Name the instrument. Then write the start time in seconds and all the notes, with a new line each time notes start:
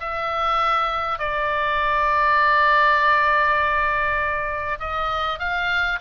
oboe
0.00 E5
1.19 D5
4.80 D#5
5.39 F5